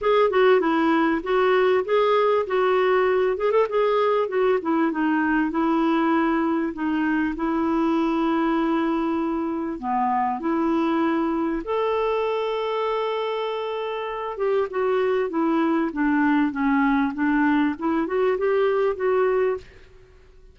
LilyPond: \new Staff \with { instrumentName = "clarinet" } { \time 4/4 \tempo 4 = 98 gis'8 fis'8 e'4 fis'4 gis'4 | fis'4. gis'16 a'16 gis'4 fis'8 e'8 | dis'4 e'2 dis'4 | e'1 |
b4 e'2 a'4~ | a'2.~ a'8 g'8 | fis'4 e'4 d'4 cis'4 | d'4 e'8 fis'8 g'4 fis'4 | }